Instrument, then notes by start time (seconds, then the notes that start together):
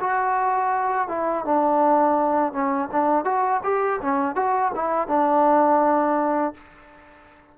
trombone
0.00 F#4
1.08 E4
1.45 D4
2.52 C#4
2.91 D4
3.24 F#4
3.63 G4
4.01 C#4
4.35 F#4
4.75 E4
5.08 D4